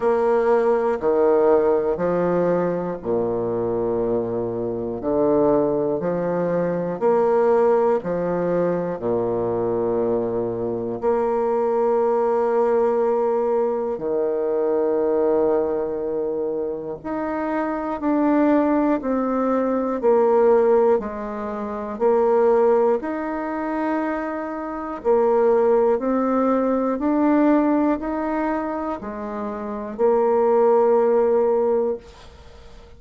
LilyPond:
\new Staff \with { instrumentName = "bassoon" } { \time 4/4 \tempo 4 = 60 ais4 dis4 f4 ais,4~ | ais,4 d4 f4 ais4 | f4 ais,2 ais4~ | ais2 dis2~ |
dis4 dis'4 d'4 c'4 | ais4 gis4 ais4 dis'4~ | dis'4 ais4 c'4 d'4 | dis'4 gis4 ais2 | }